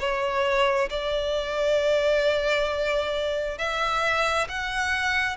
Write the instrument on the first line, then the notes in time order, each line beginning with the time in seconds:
violin
0.00 C#5
0.90 D5
3.59 E5
4.49 F#5